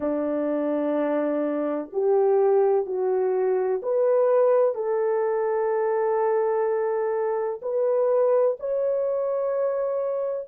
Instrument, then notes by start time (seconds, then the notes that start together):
horn
0.00 D4
1.92 G4
2.86 F#4
3.82 B4
4.74 A4
7.61 B4
8.59 C#5